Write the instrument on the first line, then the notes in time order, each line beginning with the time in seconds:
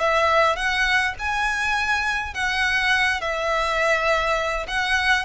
violin
0.00 E5
0.56 F#5
1.19 G#5
2.34 F#5
3.21 E5
4.68 F#5